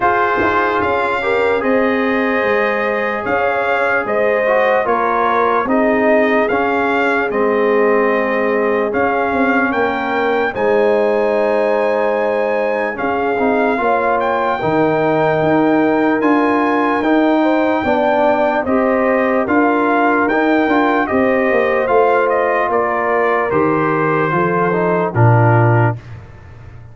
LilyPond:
<<
  \new Staff \with { instrumentName = "trumpet" } { \time 4/4 \tempo 4 = 74 c''4 f''4 dis''2 | f''4 dis''4 cis''4 dis''4 | f''4 dis''2 f''4 | g''4 gis''2. |
f''4. g''2~ g''8 | gis''4 g''2 dis''4 | f''4 g''4 dis''4 f''8 dis''8 | d''4 c''2 ais'4 | }
  \new Staff \with { instrumentName = "horn" } { \time 4/4 gis'4. ais'8 c''2 | cis''4 c''4 ais'4 gis'4~ | gis'1 | ais'4 c''2. |
gis'4 cis''4 ais'2~ | ais'4. c''8 d''4 c''4 | ais'2 c''2 | ais'2 a'4 f'4 | }
  \new Staff \with { instrumentName = "trombone" } { \time 4/4 f'4. g'8 gis'2~ | gis'4. fis'8 f'4 dis'4 | cis'4 c'2 cis'4~ | cis'4 dis'2. |
cis'8 dis'8 f'4 dis'2 | f'4 dis'4 d'4 g'4 | f'4 dis'8 f'8 g'4 f'4~ | f'4 g'4 f'8 dis'8 d'4 | }
  \new Staff \with { instrumentName = "tuba" } { \time 4/4 f'8 dis'8 cis'4 c'4 gis4 | cis'4 gis4 ais4 c'4 | cis'4 gis2 cis'8 c'8 | ais4 gis2. |
cis'8 c'8 ais4 dis4 dis'4 | d'4 dis'4 b4 c'4 | d'4 dis'8 d'8 c'8 ais8 a4 | ais4 dis4 f4 ais,4 | }
>>